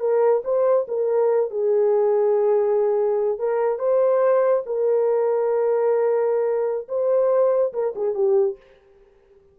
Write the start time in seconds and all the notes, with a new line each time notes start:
0.00 A#4
0.44 C5
0.88 A#4
1.51 G#4
3.39 A#4
3.79 C5
4.66 A#4
6.89 C5
7.73 A#4
7.96 G#4
8.14 G4